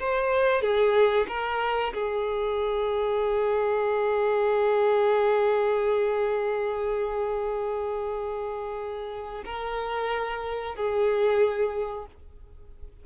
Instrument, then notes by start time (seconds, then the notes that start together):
violin
0.00 C5
0.62 G#4
1.28 A#4
1.94 G#4
9.45 A#4
10.76 G#4